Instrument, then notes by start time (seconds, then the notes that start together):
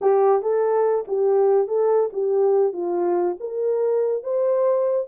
horn
0.01 G4
0.41 A4
1.07 G4
1.67 A4
2.12 G4
2.73 F4
3.40 A#4
4.23 C5